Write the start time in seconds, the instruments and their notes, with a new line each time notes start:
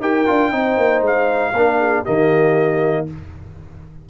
0.00 tuba D#4, trombone G4, horn A#4, trumpet G5
0.26 tuba D4, trombone F4
0.51 tuba C4, trombone D#4, horn C5
0.76 tuba A#3
1.01 tuba G#3, trumpet F5
1.52 tuba A#3, trombone D4, horn A#4
1.78 horn G#4
2.02 tuba D#3, trombone A#3, horn G4, trumpet D#5